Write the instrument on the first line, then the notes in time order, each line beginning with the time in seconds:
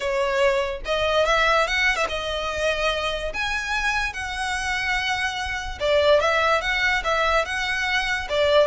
violin
0.00 C#5
0.85 D#5
1.25 E5
1.67 F#5
1.96 E5
2.08 D#5
3.33 G#5
4.13 F#5
5.79 D5
6.20 E5
6.61 F#5
7.03 E5
7.45 F#5
8.29 D5